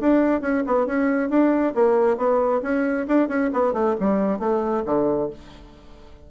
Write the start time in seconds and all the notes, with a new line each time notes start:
0.00 D4
0.41 C#4
0.66 B3
0.86 C#4
1.29 D4
1.74 A#3
2.17 B3
2.62 C#4
3.07 D4
3.28 C#4
3.53 B3
3.73 A3
3.99 G3
4.39 A3
4.85 D3